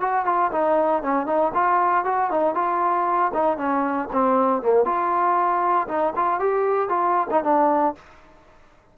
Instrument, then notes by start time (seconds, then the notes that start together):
trombone
0.00 F#4
0.25 F4
0.52 D#4
1.03 C#4
1.26 D#4
1.54 F4
2.05 F#4
2.30 D#4
2.55 F4
3.34 D#4
3.57 C#4
4.12 C4
4.62 A#3
4.85 F4
5.88 D#4
6.16 F4
6.40 G4
6.89 F4
7.31 D#4
7.44 D4